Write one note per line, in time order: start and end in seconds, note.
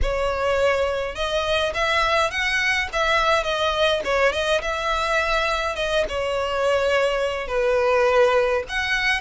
0.02 1.15 C#5
1.15 1.73 D#5
1.74 2.30 E5
2.30 2.88 F#5
2.93 3.43 E5
3.43 4.01 D#5
4.04 4.32 C#5
4.32 4.61 D#5
4.61 5.75 E5
5.75 6.04 D#5
6.09 7.47 C#5
7.47 8.63 B4
8.68 9.20 F#5